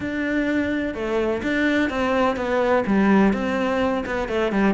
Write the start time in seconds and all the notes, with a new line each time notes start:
0.00 D4
0.94 A3
1.42 D4
1.89 C4
2.36 B3
2.86 G3
3.33 C4
4.06 B3
4.28 A3
4.52 G3